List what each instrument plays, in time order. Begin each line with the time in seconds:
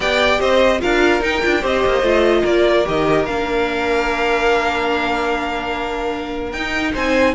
0.00 cello B3, viola G4, violin D5 G5
0.40 cello C4, violin C5 D#5
0.80 cello D4, viola F4, violin A#4 F5
1.20 cello D#4, viola D#4, violin G5
1.41 cello D4, viola F4
1.61 cello C4, viola G4, violin C5 D#5
1.85 cello A#3
2.01 cello A3, viola F4
2.41 cello A#3, violin A#4 D5
2.84 cello D#3, viola G4, violin D#5
3.25 cello A#3, viola D4, violin F5
6.51 cello D#4, viola D#4, violin G5
6.92 cello C4, violin C5 G#5